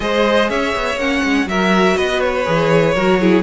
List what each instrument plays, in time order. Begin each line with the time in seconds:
0.00 cello G#3, viola G#4, violin C5 D#5
0.49 cello C#4, violin C#5 E5
0.75 cello B3
0.96 cello A#3, viola C#4, violin F#5
1.23 cello G#3
1.46 cello F#3, viola F#4, violin A#4 E5
1.96 cello B3, violin B4 D#5
2.19 violin C#5
2.45 cello E3, viola G#4
2.94 cello F#3, viola F#4, violin A#4
3.20 viola E4, violin G#4